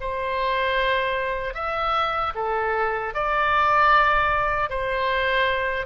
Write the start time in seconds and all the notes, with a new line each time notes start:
0.00 C5
1.54 E5
2.35 A4
3.14 D5
4.69 C5